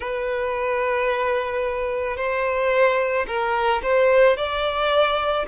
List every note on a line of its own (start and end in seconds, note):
0.00 2.17 B4
2.17 3.26 C5
3.27 3.81 A#4
3.82 4.36 C5
4.36 5.45 D5